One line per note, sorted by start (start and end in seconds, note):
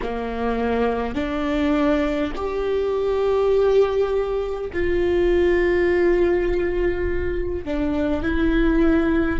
0.02 1.14 A#3
1.14 2.32 D4
2.35 4.71 G4
4.73 7.65 F4
7.65 8.22 D4
8.22 9.40 E4